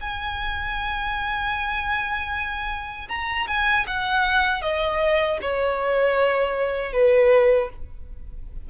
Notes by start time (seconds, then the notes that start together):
0.00 G#5
3.08 A#5
3.47 G#5
3.87 F#5
4.61 D#5
5.41 C#5
6.92 B4